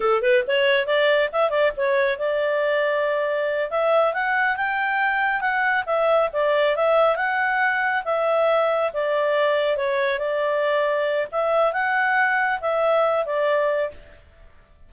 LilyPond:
\new Staff \with { instrumentName = "clarinet" } { \time 4/4 \tempo 4 = 138 a'8 b'8 cis''4 d''4 e''8 d''8 | cis''4 d''2.~ | d''8 e''4 fis''4 g''4.~ | g''8 fis''4 e''4 d''4 e''8~ |
e''8 fis''2 e''4.~ | e''8 d''2 cis''4 d''8~ | d''2 e''4 fis''4~ | fis''4 e''4. d''4. | }